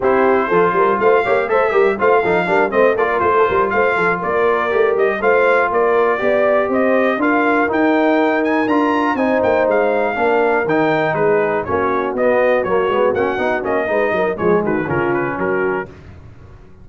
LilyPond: <<
  \new Staff \with { instrumentName = "trumpet" } { \time 4/4 \tempo 4 = 121 c''2 f''4 e''4 | f''4. dis''8 d''8 c''4 f''8~ | f''8 d''4. dis''8 f''4 d''8~ | d''4. dis''4 f''4 g''8~ |
g''4 gis''8 ais''4 gis''8 g''8 f''8~ | f''4. g''4 b'4 cis''8~ | cis''8 dis''4 cis''4 fis''4 dis''8~ | dis''4 cis''8 b'8 ais'8 b'8 ais'4 | }
  \new Staff \with { instrumentName = "horn" } { \time 4/4 g'4 a'8 ais'8 c''8 cis''8 c''8 ais'8 | c''8 a'8 ais'8 c''8 a'16 ais'16 f'16 a'16 ais'8 c''8 | a'8 ais'2 c''4 ais'8~ | ais'8 d''4 c''4 ais'4.~ |
ais'2~ ais'8 c''4.~ | c''8 ais'2 gis'4 fis'8~ | fis'1 | b'8 ais'8 gis'8 fis'8 f'4 fis'4 | }
  \new Staff \with { instrumentName = "trombone" } { \time 4/4 e'4 f'4. g'8 a'8 g'8 | f'8 dis'8 d'8 c'8 f'2~ | f'4. g'4 f'4.~ | f'8 g'2 f'4 dis'8~ |
dis'4. f'4 dis'4.~ | dis'8 d'4 dis'2 cis'8~ | cis'8 b4 ais8 b8 cis'8 dis'8 cis'8 | dis'4 gis4 cis'2 | }
  \new Staff \with { instrumentName = "tuba" } { \time 4/4 c'4 f8 g8 a8 ais8 a8 g8 | a8 f8 g8 a8 ais8 a8 g8 a8 | f8 ais4 a8 g8 a4 ais8~ | ais8 b4 c'4 d'4 dis'8~ |
dis'4. d'4 c'8 ais8 gis8~ | gis8 ais4 dis4 gis4 ais8~ | ais8 b4 fis8 gis8 ais8 b8 ais8 | gis8 fis8 f8 dis8 cis4 fis4 | }
>>